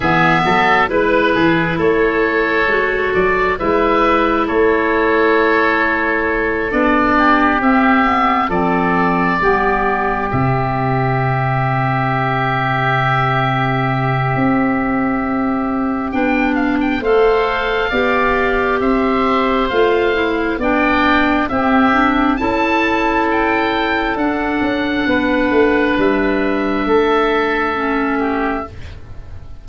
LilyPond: <<
  \new Staff \with { instrumentName = "oboe" } { \time 4/4 \tempo 4 = 67 e''4 b'4 cis''4. d''8 | e''4 cis''2~ cis''8 d''8~ | d''8 e''4 d''2 e''8~ | e''1~ |
e''2 g''8 f''16 g''16 f''4~ | f''4 e''4 f''4 g''4 | e''4 a''4 g''4 fis''4~ | fis''4 e''2. | }
  \new Staff \with { instrumentName = "oboe" } { \time 4/4 gis'8 a'8 b'8 gis'8 a'2 | b'4 a'2. | g'4. a'4 g'4.~ | g'1~ |
g'2. c''4 | d''4 c''2 d''4 | g'4 a'2. | b'2 a'4. g'8 | }
  \new Staff \with { instrumentName = "clarinet" } { \time 4/4 b4 e'2 fis'4 | e'2.~ e'8 d'8~ | d'8 c'8 b8 c'4 b4 c'8~ | c'1~ |
c'2 d'4 a'4 | g'2 f'8 e'8 d'4 | c'8 d'8 e'2 d'4~ | d'2. cis'4 | }
  \new Staff \with { instrumentName = "tuba" } { \time 4/4 e8 fis8 gis8 e8 a4 gis8 fis8 | gis4 a2~ a8 b8~ | b8 c'4 f4 g4 c8~ | c1 |
c'2 b4 a4 | b4 c'4 a4 b4 | c'4 cis'2 d'8 cis'8 | b8 a8 g4 a2 | }
>>